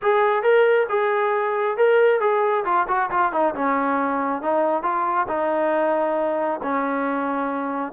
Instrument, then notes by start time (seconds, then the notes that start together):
trombone
0.02 G#4
0.42 A#4
0.89 G#4
1.77 A#4
2.20 G#4
2.65 F4
2.88 F#4
3.10 F4
3.32 D#4
3.54 C#4
4.42 D#4
4.82 F4
5.28 D#4
6.62 C#4